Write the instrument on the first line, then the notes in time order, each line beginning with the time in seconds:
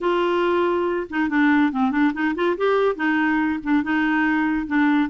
clarinet
0.00 F4
1.09 D#4
1.29 D4
1.71 C4
1.91 D4
2.13 D#4
2.35 F4
2.57 G4
2.95 D#4
3.63 D4
3.83 D#4
4.67 D4